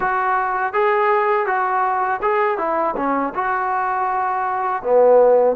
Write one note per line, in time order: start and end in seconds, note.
0.00 0.73 F#4
0.73 1.46 G#4
1.46 2.20 F#4
2.22 2.58 G#4
2.58 2.95 E4
2.96 3.33 C#4
3.35 4.82 F#4
4.82 5.56 B3